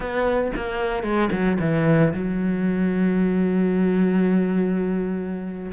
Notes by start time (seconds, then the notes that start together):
0.00 B3
0.56 A#3
1.03 G#3
1.31 F#3
1.60 E3
2.13 F#3